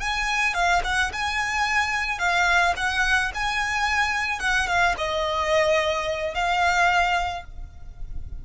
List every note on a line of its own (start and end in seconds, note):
0.00 0.54 G#5
0.54 0.82 F5
0.84 1.12 F#5
1.13 2.19 G#5
2.19 2.74 F5
2.77 3.32 F#5
3.35 4.40 G#5
4.40 4.67 F#5
4.67 4.95 F5
4.98 6.35 D#5
6.35 7.45 F5